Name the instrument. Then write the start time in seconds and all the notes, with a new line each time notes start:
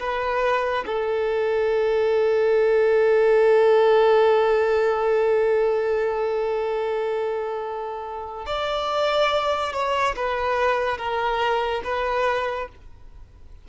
violin
0.00 B4
0.86 A4
8.46 D5
9.73 C#5
10.16 B4
10.98 A#4
11.84 B4